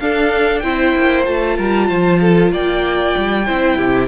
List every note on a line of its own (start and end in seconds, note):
0.00 0.64 D4
0.00 0.63 A4
0.00 0.60 F5
0.60 0.95 C4
0.60 1.26 E4
0.60 1.56 C5
0.60 1.23 G5
0.96 1.27 A#3
1.26 1.59 A3
1.26 3.47 F4
1.26 2.52 A5
1.56 1.90 G3
1.56 1.88 A#4
1.89 2.52 F3
1.89 2.21 C5
2.21 2.53 A4
2.52 3.16 A#3
2.52 3.46 D5
2.52 4.09 G5
3.18 3.49 G3
3.46 3.79 C4
3.46 4.09 E4
3.46 3.77 C5
3.77 4.09 C3
3.77 4.09 G4